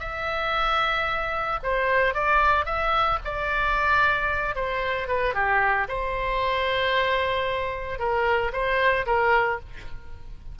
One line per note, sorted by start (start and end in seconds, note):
0.00 1.59 E5
1.63 2.14 C5
2.14 2.65 D5
2.65 3.19 E5
3.24 4.55 D5
4.55 5.08 C5
5.08 5.34 B4
5.34 5.87 G4
5.88 7.99 C5
7.99 8.52 A#4
8.52 9.06 C5
9.06 9.59 A#4